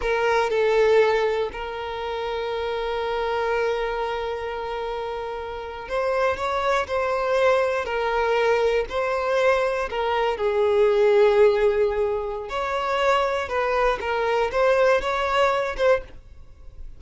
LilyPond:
\new Staff \with { instrumentName = "violin" } { \time 4/4 \tempo 4 = 120 ais'4 a'2 ais'4~ | ais'1~ | ais'2.~ ais'8. c''16~ | c''8. cis''4 c''2 ais'16~ |
ais'4.~ ais'16 c''2 ais'16~ | ais'8. gis'2.~ gis'16~ | gis'4 cis''2 b'4 | ais'4 c''4 cis''4. c''8 | }